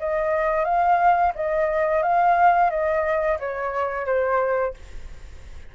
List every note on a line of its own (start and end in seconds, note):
0.00 0.65 D#5
0.65 1.33 F5
1.35 2.03 D#5
2.03 2.70 F5
2.70 3.38 D#5
3.40 4.06 C#5
4.06 4.74 C5